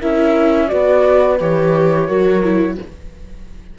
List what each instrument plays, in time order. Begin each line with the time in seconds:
0.00 cello C#4, viola E4, horn A#4, flute E5
0.67 cello B3, viola F#4, horn B4, flute D5
1.40 cello E3, viola G4, flute C#5
2.07 cello F#3, viola F#4, horn A#4
2.43 viola E4